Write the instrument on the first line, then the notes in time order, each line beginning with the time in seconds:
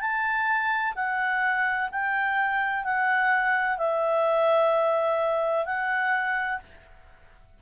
clarinet
0.00 A5
0.95 F#5
1.91 G5
2.84 F#5
3.78 E5
5.65 F#5